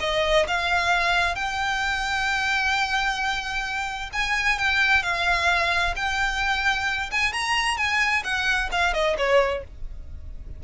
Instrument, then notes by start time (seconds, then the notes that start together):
violin
0.00 D#5
0.48 F5
1.35 G5
4.13 G#5
4.58 G5
5.03 F5
5.96 G5
7.11 G#5
7.33 A#5
7.77 G#5
8.24 F#5
8.71 F5
8.94 D#5
9.18 C#5